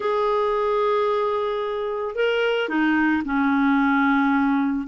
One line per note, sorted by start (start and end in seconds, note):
0.00 2.15 G#4
2.15 2.69 A#4
2.69 3.23 D#4
3.25 4.87 C#4